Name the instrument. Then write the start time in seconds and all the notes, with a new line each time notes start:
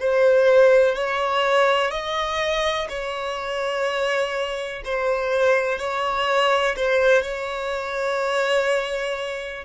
violin
0.00 C5
0.95 C#5
1.91 D#5
2.89 C#5
4.85 C5
5.79 C#5
6.77 C5
7.23 C#5